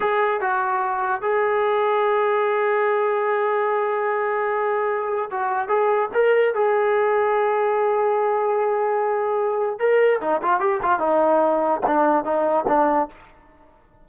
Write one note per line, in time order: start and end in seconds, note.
0.00 0.40 G#4
0.40 1.21 F#4
1.21 5.29 G#4
5.30 5.68 F#4
5.68 6.09 G#4
6.13 6.54 A#4
6.54 9.79 G#4
9.79 10.20 A#4
10.21 10.41 D#4
10.41 10.60 F4
10.60 10.80 G4
10.82 10.99 F4
10.99 11.81 D#4
11.86 12.24 D4
12.24 12.65 D#4
12.67 13.08 D4